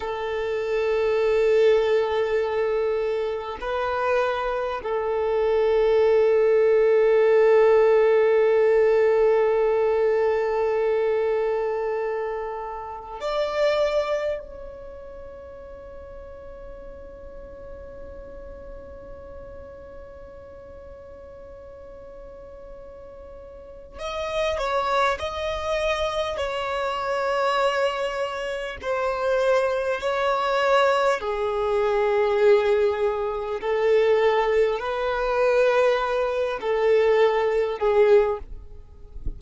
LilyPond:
\new Staff \with { instrumentName = "violin" } { \time 4/4 \tempo 4 = 50 a'2. b'4 | a'1~ | a'2. d''4 | cis''1~ |
cis''1 | dis''8 cis''8 dis''4 cis''2 | c''4 cis''4 gis'2 | a'4 b'4. a'4 gis'8 | }